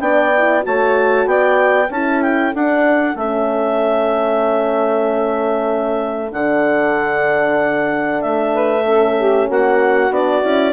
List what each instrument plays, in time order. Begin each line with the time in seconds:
0.00 bassoon B3, horn D4, saxophone D5, clarinet G5
0.38 horn E4
0.61 bassoon A3, horn F#4, saxophone C#5, clarinet A5
1.26 bassoon B3, saxophone D5, clarinet G5
1.89 bassoon C#4, horn E4, saxophone A4, clarinet A5
2.22 clarinet G5
2.55 horn D4, bassoon D4, clarinet F#5
3.16 bassoon A3, horn C#4, clarinet E5
6.31 bassoon D3, horn D4, clarinet F#5
8.22 bassoon A3, clarinet E5
8.53 saxophone B4
8.86 horn C#4, saxophone A4
9.19 saxophone G4
9.48 bassoon A#3, saxophone F#4, clarinet F#5
10.10 bassoon B3, horn D4, clarinet D5
10.41 bassoon C#4, horn E4